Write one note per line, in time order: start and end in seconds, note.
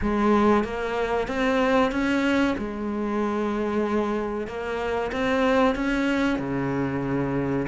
0.01 0.64 G#3
0.64 1.27 A#3
1.27 1.91 C4
1.91 2.55 C#4
2.57 4.47 G#3
4.47 5.11 A#3
5.12 5.75 C4
5.75 6.39 C#4
6.39 7.66 C#3